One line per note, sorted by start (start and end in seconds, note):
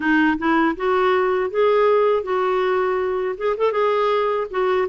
0.00 0.37 D#4
0.38 0.75 E4
0.76 1.50 F#4
1.50 2.23 G#4
2.23 3.35 F#4
3.37 3.56 G#4
3.57 3.72 A4
3.72 4.47 G#4
4.50 4.88 F#4